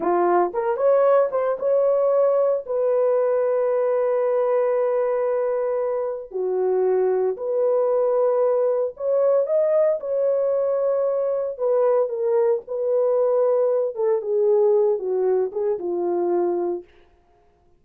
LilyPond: \new Staff \with { instrumentName = "horn" } { \time 4/4 \tempo 4 = 114 f'4 ais'8 cis''4 c''8 cis''4~ | cis''4 b'2.~ | b'1 | fis'2 b'2~ |
b'4 cis''4 dis''4 cis''4~ | cis''2 b'4 ais'4 | b'2~ b'8 a'8 gis'4~ | gis'8 fis'4 gis'8 f'2 | }